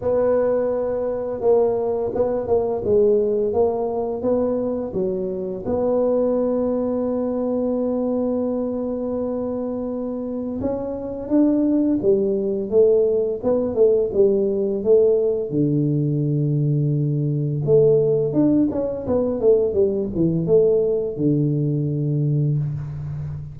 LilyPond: \new Staff \with { instrumentName = "tuba" } { \time 4/4 \tempo 4 = 85 b2 ais4 b8 ais8 | gis4 ais4 b4 fis4 | b1~ | b2. cis'4 |
d'4 g4 a4 b8 a8 | g4 a4 d2~ | d4 a4 d'8 cis'8 b8 a8 | g8 e8 a4 d2 | }